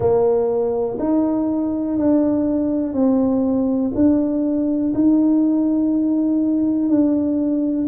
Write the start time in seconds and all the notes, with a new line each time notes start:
0.00 A#3
0.99 D#4
1.97 D4
2.93 C4
3.94 D4
4.94 D#4
6.89 D4